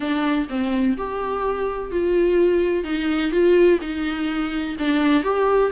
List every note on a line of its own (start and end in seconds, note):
0.00 0.47 D4
0.49 0.97 C4
0.97 1.91 G4
1.91 2.84 F4
2.84 3.31 D#4
3.31 3.79 F4
3.81 4.76 D#4
4.79 5.23 D4
5.23 5.71 G4